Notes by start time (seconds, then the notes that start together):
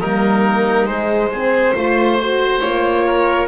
0.00 G3 A#3 D#4 A#4
0.86 G#3 C5
1.32 C4 G#4
1.75 A3 F4 C5
2.21 F#4
2.61 A#3 F4 C#5
3.06 A#4